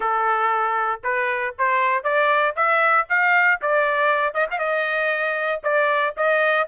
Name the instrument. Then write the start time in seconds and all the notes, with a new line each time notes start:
trumpet
0.00 A4
1.03 B4
1.58 C5
2.03 D5
2.55 E5
3.09 F5
3.61 D5
4.34 D#5
4.51 F5
4.59 D#5
5.63 D5
6.16 D#5